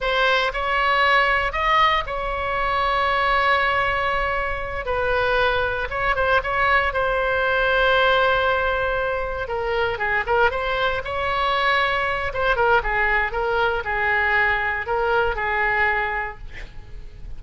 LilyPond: \new Staff \with { instrumentName = "oboe" } { \time 4/4 \tempo 4 = 117 c''4 cis''2 dis''4 | cis''1~ | cis''4. b'2 cis''8 | c''8 cis''4 c''2~ c''8~ |
c''2~ c''8 ais'4 gis'8 | ais'8 c''4 cis''2~ cis''8 | c''8 ais'8 gis'4 ais'4 gis'4~ | gis'4 ais'4 gis'2 | }